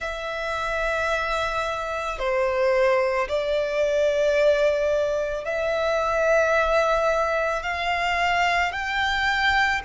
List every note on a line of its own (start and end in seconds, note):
0.00 2.18 E5
2.18 3.27 C5
3.28 5.44 D5
5.44 7.63 E5
7.63 8.72 F5
8.72 9.81 G5